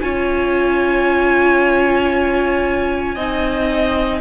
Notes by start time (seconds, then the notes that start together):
0.00 C#4 F4 C#5 G#5
3.15 C4 D#4 D#5